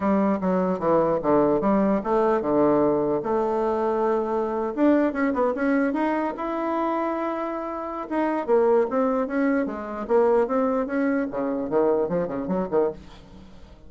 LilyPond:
\new Staff \with { instrumentName = "bassoon" } { \time 4/4 \tempo 4 = 149 g4 fis4 e4 d4 | g4 a4 d2 | a2.~ a8. d'16~ | d'8. cis'8 b8 cis'4 dis'4 e'16~ |
e'1 | dis'4 ais4 c'4 cis'4 | gis4 ais4 c'4 cis'4 | cis4 dis4 f8 cis8 fis8 dis8 | }